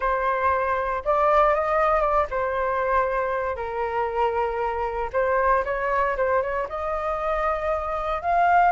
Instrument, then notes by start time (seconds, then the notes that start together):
flute
0.00 C5
1.04 D5
1.54 D#5
2.00 D5
2.30 C5
3.55 A#4
5.13 C5
5.65 C#5
6.16 C5
6.42 C#5
6.68 D#5
8.21 F5